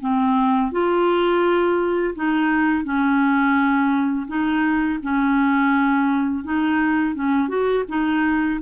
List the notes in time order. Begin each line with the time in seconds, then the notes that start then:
0.00 C4
0.71 F4
2.15 D#4
2.84 C#4
4.28 D#4
5.02 C#4
6.44 D#4
7.15 C#4
7.48 F#4
7.88 D#4